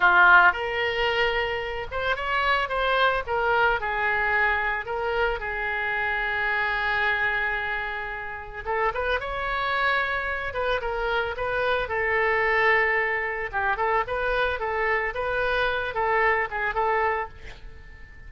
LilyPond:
\new Staff \with { instrumentName = "oboe" } { \time 4/4 \tempo 4 = 111 f'4 ais'2~ ais'8 c''8 | cis''4 c''4 ais'4 gis'4~ | gis'4 ais'4 gis'2~ | gis'1 |
a'8 b'8 cis''2~ cis''8 b'8 | ais'4 b'4 a'2~ | a'4 g'8 a'8 b'4 a'4 | b'4. a'4 gis'8 a'4 | }